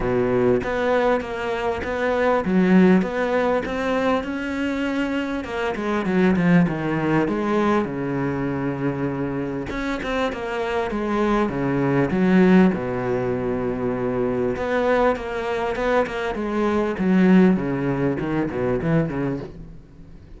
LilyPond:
\new Staff \with { instrumentName = "cello" } { \time 4/4 \tempo 4 = 99 b,4 b4 ais4 b4 | fis4 b4 c'4 cis'4~ | cis'4 ais8 gis8 fis8 f8 dis4 | gis4 cis2. |
cis'8 c'8 ais4 gis4 cis4 | fis4 b,2. | b4 ais4 b8 ais8 gis4 | fis4 cis4 dis8 b,8 e8 cis8 | }